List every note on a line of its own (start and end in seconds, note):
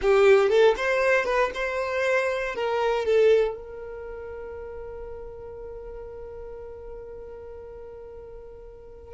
0.01 0.49 G4
0.49 0.74 A4
0.77 1.25 C5
1.25 1.50 B4
1.54 2.55 C5
2.55 3.05 A#4
3.05 3.55 A4
3.55 9.14 A#4